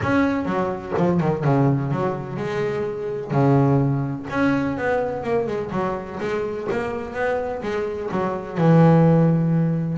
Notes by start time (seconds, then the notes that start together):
0.02 C#4
0.45 F#3
0.97 F3
1.20 D#3
1.44 C#3
1.91 F#3
2.37 G#3
3.31 C#3
4.30 C#4
4.77 B3
5.23 A#3
5.47 G#3
5.71 F#3
6.19 G#3
6.71 A#3
7.14 B3
7.62 G#3
8.11 F#3
8.57 E3